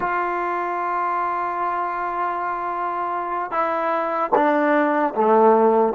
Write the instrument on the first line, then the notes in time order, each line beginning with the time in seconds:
trombone
0.00 F4
3.51 E4
4.35 D4
5.14 A3